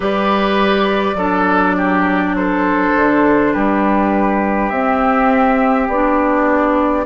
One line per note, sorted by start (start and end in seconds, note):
0.00 1.14 G3
0.00 1.16 G4
0.00 1.16 B4
0.00 2.36 D5
1.14 2.91 F#3
1.14 4.71 D4
1.14 1.75 A4
1.76 2.35 G4
2.36 3.52 A4
2.36 3.53 C5
2.96 3.54 D3
3.52 4.70 G3
3.52 7.05 G4
3.52 4.69 B4
4.69 5.87 C4
4.69 5.90 C4
4.69 5.87 E5
5.87 7.05 B3
5.87 7.05 D4
5.87 7.05 D5